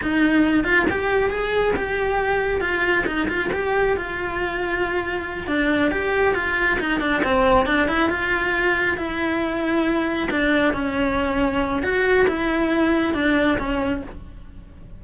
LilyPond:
\new Staff \with { instrumentName = "cello" } { \time 4/4 \tempo 4 = 137 dis'4. f'8 g'4 gis'4 | g'2 f'4 dis'8 f'8 | g'4 f'2.~ | f'8 d'4 g'4 f'4 dis'8 |
d'8 c'4 d'8 e'8 f'4.~ | f'8 e'2. d'8~ | d'8 cis'2~ cis'8 fis'4 | e'2 d'4 cis'4 | }